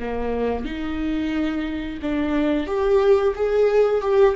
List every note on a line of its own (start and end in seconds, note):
0.00 0.65 A#3
0.65 2.00 D#4
2.02 2.67 D4
2.67 3.35 G4
3.36 4.02 G#4
4.02 4.35 G4